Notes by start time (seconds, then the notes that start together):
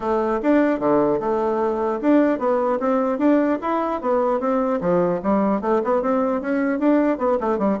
0.00 A3
0.42 D4
0.79 D3
1.20 A3
2.01 D4
2.38 B3
2.79 C4
3.18 D4
3.61 E4
4.01 B3
4.39 C4
4.80 F3
5.22 G3
5.61 A3
5.84 B3
6.01 C4
6.41 C#4
6.79 D4
7.17 B3
7.40 A3
7.58 G3